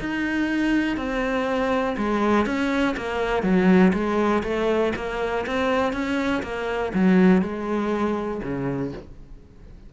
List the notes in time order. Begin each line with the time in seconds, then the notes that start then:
0.00 D#4
0.97 C4
1.97 G#3
2.46 C#4
2.97 A#3
3.43 F#3
3.94 G#3
4.44 A3
4.96 A#3
5.47 C4
5.93 C#4
6.43 A#3
6.94 F#3
7.43 G#3
8.43 C#3